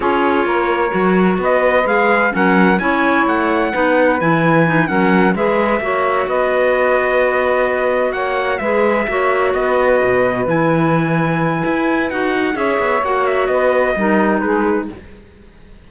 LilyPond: <<
  \new Staff \with { instrumentName = "trumpet" } { \time 4/4 \tempo 4 = 129 cis''2. dis''4 | f''4 fis''4 gis''4 fis''4~ | fis''4 gis''4. fis''4 e''8~ | e''4. dis''2~ dis''8~ |
dis''4. fis''4 e''4.~ | e''8 dis''2 gis''4.~ | gis''2 fis''4 e''4 | fis''8 e''8 dis''2 b'4 | }
  \new Staff \with { instrumentName = "saxophone" } { \time 4/4 gis'4 ais'2 b'4~ | b'4 ais'4 cis''2 | b'2~ b'8 ais'4 b'8~ | b'8 cis''4 b'2~ b'8~ |
b'4. cis''4 b'4 cis''8~ | cis''8 b'2.~ b'8~ | b'2. cis''4~ | cis''4 b'4 ais'4 gis'4 | }
  \new Staff \with { instrumentName = "clarinet" } { \time 4/4 f'2 fis'2 | gis'4 cis'4 e'2 | dis'4 e'4 dis'8 cis'4 gis'8~ | gis'8 fis'2.~ fis'8~ |
fis'2~ fis'8 gis'4 fis'8~ | fis'2~ fis'8 e'4.~ | e'2 fis'4 gis'4 | fis'2 dis'2 | }
  \new Staff \with { instrumentName = "cello" } { \time 4/4 cis'4 ais4 fis4 b4 | gis4 fis4 cis'4 a4 | b4 e4. fis4 gis8~ | gis8 ais4 b2~ b8~ |
b4. ais4 gis4 ais8~ | ais8 b4 b,4 e4.~ | e4 e'4 dis'4 cis'8 b8 | ais4 b4 g4 gis4 | }
>>